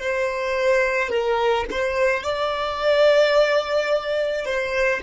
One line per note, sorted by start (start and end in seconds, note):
0.00 1.09 C5
1.09 1.65 A#4
1.71 2.23 C5
2.23 4.45 D5
4.45 5.01 C5